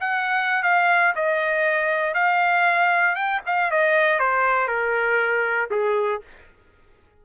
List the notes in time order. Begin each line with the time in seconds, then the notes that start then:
0.00 F#5
0.63 F5
1.15 D#5
2.14 F5
3.15 G5
3.46 F5
3.71 D#5
4.19 C5
4.67 A#4
5.70 G#4